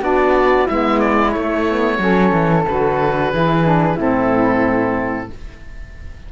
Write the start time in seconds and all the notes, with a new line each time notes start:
0.00 B3 D4 F#4 D5
0.66 G#3 B3 E4 E5
0.99 D5
1.31 A3 C#5
1.67 B3
1.98 F#3 C#4 A4
2.31 E3
2.67 D3 F#4 B4
3.32 E3 E4 G#4
3.64 D4
3.95 A2 C4 E4 A4